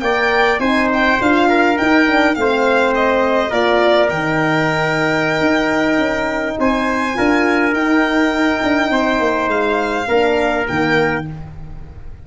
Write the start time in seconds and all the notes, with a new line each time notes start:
0.00 A#3 A#4 D5 G5
0.59 C4 D#4 C5 G#5
0.93 G5
1.20 D4 F4 F5
1.49 A#4
1.76 D#4 G5
2.06 D4
2.34 A3 C4 C5 F5
2.94 D#5
3.50 A#3 F4 A#4 D5
4.09 D#3 D#4 G5
5.40 D#4
5.97 C#4
6.59 C4 C5 G#5
7.13 D4 F4 A#4
7.72 D#4 G5
8.63 D4
8.90 C4 C5
9.19 A#3
9.47 G#3 F5
10.08 A#3 D4 A#4
10.66 D#3 A#3 G5